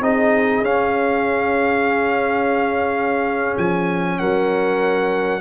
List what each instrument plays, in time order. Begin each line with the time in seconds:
0.00 tuba C4, trombone D#4, horn G#4, trumpet D#5
0.61 tuba C#4, trombone C#4, trumpet F5
3.57 tuba F3, trumpet G#5
4.18 tuba F#3, horn A#4, trumpet F#5